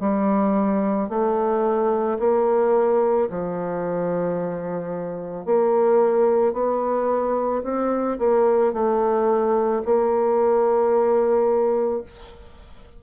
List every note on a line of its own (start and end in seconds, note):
0.00 1.09 G3
1.10 2.19 A3
2.19 3.28 A#3
3.30 5.45 F3
5.45 6.53 A#3
6.53 7.62 B3
7.64 8.18 C4
8.19 8.73 A#3
8.73 9.82 A3
9.85 12.03 A#3